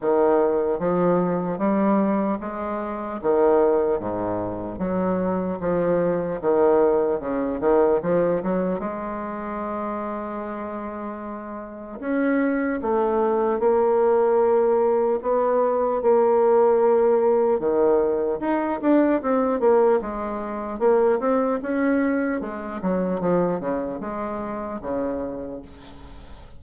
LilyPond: \new Staff \with { instrumentName = "bassoon" } { \time 4/4 \tempo 4 = 75 dis4 f4 g4 gis4 | dis4 gis,4 fis4 f4 | dis4 cis8 dis8 f8 fis8 gis4~ | gis2. cis'4 |
a4 ais2 b4 | ais2 dis4 dis'8 d'8 | c'8 ais8 gis4 ais8 c'8 cis'4 | gis8 fis8 f8 cis8 gis4 cis4 | }